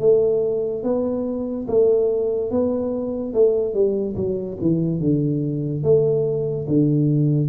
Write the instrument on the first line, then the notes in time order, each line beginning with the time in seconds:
tuba
0.00 A3
0.83 B3
1.67 A3
2.51 B3
3.34 A3
3.74 G3
4.16 F#3
4.61 E3
5.00 D3
5.83 A3
6.68 D3